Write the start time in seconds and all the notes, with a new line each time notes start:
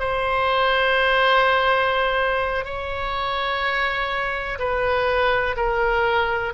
0.00 C5
2.65 C#5
4.59 B4
5.57 A#4